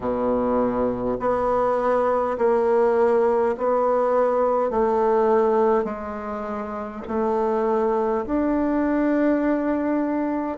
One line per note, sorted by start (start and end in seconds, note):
0.00 1.17 B2
1.19 2.37 B3
2.38 3.56 A#3
3.57 4.70 B3
4.70 5.84 A3
5.84 7.02 G#3
7.07 8.25 A3
8.26 10.57 D4